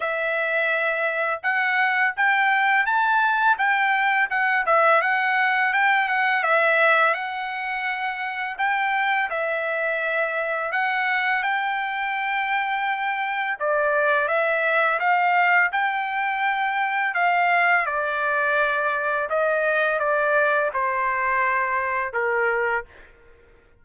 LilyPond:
\new Staff \with { instrumentName = "trumpet" } { \time 4/4 \tempo 4 = 84 e''2 fis''4 g''4 | a''4 g''4 fis''8 e''8 fis''4 | g''8 fis''8 e''4 fis''2 | g''4 e''2 fis''4 |
g''2. d''4 | e''4 f''4 g''2 | f''4 d''2 dis''4 | d''4 c''2 ais'4 | }